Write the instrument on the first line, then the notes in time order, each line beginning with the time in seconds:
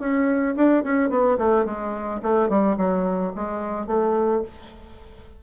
bassoon
0.00 C#4
0.56 D4
0.84 C#4
1.10 B3
1.38 A3
1.66 G#3
2.23 A3
2.49 G3
2.77 F#3
3.35 G#3
3.87 A3